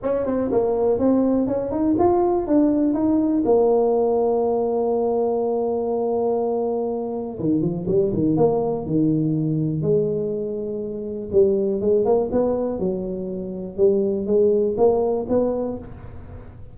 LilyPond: \new Staff \with { instrumentName = "tuba" } { \time 4/4 \tempo 4 = 122 cis'8 c'8 ais4 c'4 cis'8 dis'8 | f'4 d'4 dis'4 ais4~ | ais1~ | ais2. dis8 f8 |
g8 dis8 ais4 dis2 | gis2. g4 | gis8 ais8 b4 fis2 | g4 gis4 ais4 b4 | }